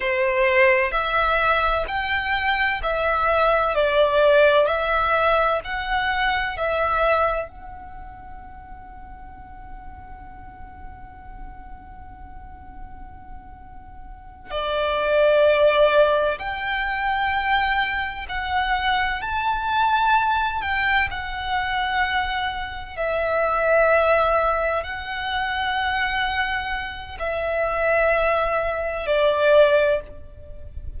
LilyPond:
\new Staff \with { instrumentName = "violin" } { \time 4/4 \tempo 4 = 64 c''4 e''4 g''4 e''4 | d''4 e''4 fis''4 e''4 | fis''1~ | fis''2.~ fis''8 d''8~ |
d''4. g''2 fis''8~ | fis''8 a''4. g''8 fis''4.~ | fis''8 e''2 fis''4.~ | fis''4 e''2 d''4 | }